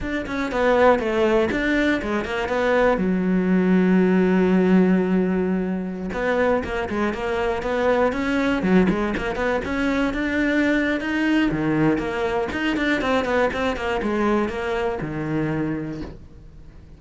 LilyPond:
\new Staff \with { instrumentName = "cello" } { \time 4/4 \tempo 4 = 120 d'8 cis'8 b4 a4 d'4 | gis8 ais8 b4 fis2~ | fis1~ | fis16 b4 ais8 gis8 ais4 b8.~ |
b16 cis'4 fis8 gis8 ais8 b8 cis'8.~ | cis'16 d'4.~ d'16 dis'4 dis4 | ais4 dis'8 d'8 c'8 b8 c'8 ais8 | gis4 ais4 dis2 | }